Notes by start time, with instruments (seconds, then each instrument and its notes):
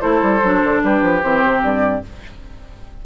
0.00 bassoon A3, clarinet E4, oboe A4, flute C5
0.23 bassoon G3
0.43 bassoon F#3, clarinet D4
0.64 bassoon D3
0.84 bassoon G3, oboe G4, flute B4
1.02 bassoon F3
1.23 bassoon E3, clarinet C4, flute C5
1.45 bassoon C3
1.63 bassoon G2, flute D5